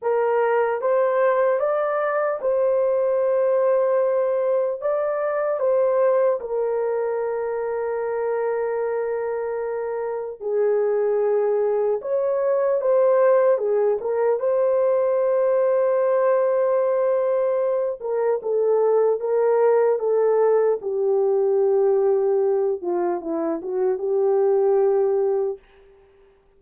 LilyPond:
\new Staff \with { instrumentName = "horn" } { \time 4/4 \tempo 4 = 75 ais'4 c''4 d''4 c''4~ | c''2 d''4 c''4 | ais'1~ | ais'4 gis'2 cis''4 |
c''4 gis'8 ais'8 c''2~ | c''2~ c''8 ais'8 a'4 | ais'4 a'4 g'2~ | g'8 f'8 e'8 fis'8 g'2 | }